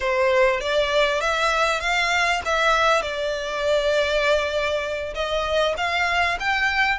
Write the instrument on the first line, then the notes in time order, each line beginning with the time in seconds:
violin
0.00 C5
0.60 D5
1.20 E5
1.80 F5
2.45 E5
3.02 D5
5.14 D#5
5.77 F5
6.39 G5